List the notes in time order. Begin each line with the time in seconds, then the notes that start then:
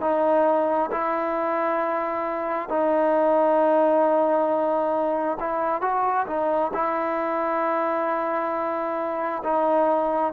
0.00 D#4
0.91 E4
2.69 D#4
5.39 E4
5.81 F#4
6.26 D#4
6.73 E4
9.44 D#4